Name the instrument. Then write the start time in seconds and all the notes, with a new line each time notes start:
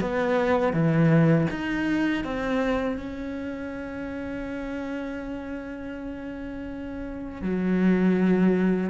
cello
0.00 B3
0.73 E3
1.50 D#4
2.24 C4
2.97 C#4
7.41 F#3